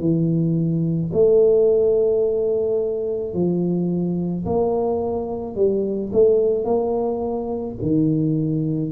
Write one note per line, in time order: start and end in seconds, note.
0.00 1.11 E3
1.13 3.34 A3
3.34 4.45 F3
4.45 5.55 A#3
5.55 6.11 G3
6.13 6.65 A3
6.65 7.76 A#3
7.82 8.91 D#3